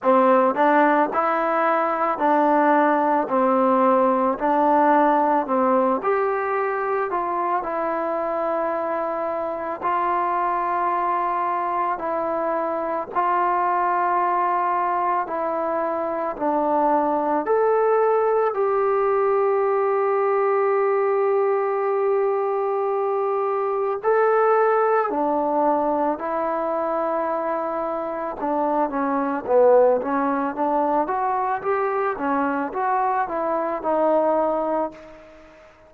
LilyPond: \new Staff \with { instrumentName = "trombone" } { \time 4/4 \tempo 4 = 55 c'8 d'8 e'4 d'4 c'4 | d'4 c'8 g'4 f'8 e'4~ | e'4 f'2 e'4 | f'2 e'4 d'4 |
a'4 g'2.~ | g'2 a'4 d'4 | e'2 d'8 cis'8 b8 cis'8 | d'8 fis'8 g'8 cis'8 fis'8 e'8 dis'4 | }